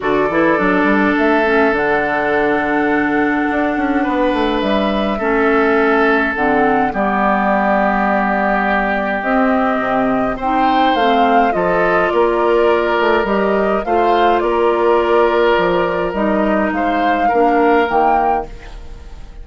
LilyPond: <<
  \new Staff \with { instrumentName = "flute" } { \time 4/4 \tempo 4 = 104 d''2 e''4 fis''4~ | fis''1 | e''2. fis''4 | d''1 |
dis''2 g''4 f''4 | dis''4 d''2 dis''4 | f''4 d''2. | dis''4 f''2 g''4 | }
  \new Staff \with { instrumentName = "oboe" } { \time 4/4 a'1~ | a'2. b'4~ | b'4 a'2. | g'1~ |
g'2 c''2 | a'4 ais'2. | c''4 ais'2.~ | ais'4 c''4 ais'2 | }
  \new Staff \with { instrumentName = "clarinet" } { \time 4/4 fis'8 e'8 d'4. cis'8 d'4~ | d'1~ | d'4 cis'2 c'4 | b1 |
c'2 dis'4 c'4 | f'2. g'4 | f'1 | dis'2 d'4 ais4 | }
  \new Staff \with { instrumentName = "bassoon" } { \time 4/4 d8 e8 fis8 g8 a4 d4~ | d2 d'8 cis'8 b8 a8 | g4 a2 d4 | g1 |
c'4 c4 c'4 a4 | f4 ais4. a8 g4 | a4 ais2 f4 | g4 gis4 ais4 dis4 | }
>>